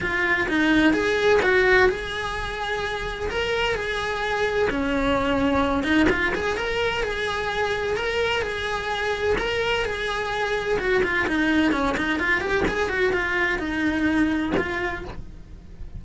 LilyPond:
\new Staff \with { instrumentName = "cello" } { \time 4/4 \tempo 4 = 128 f'4 dis'4 gis'4 fis'4 | gis'2. ais'4 | gis'2 cis'2~ | cis'8 dis'8 f'8 gis'8 ais'4 gis'4~ |
gis'4 ais'4 gis'2 | ais'4 gis'2 fis'8 f'8 | dis'4 cis'8 dis'8 f'8 g'8 gis'8 fis'8 | f'4 dis'2 f'4 | }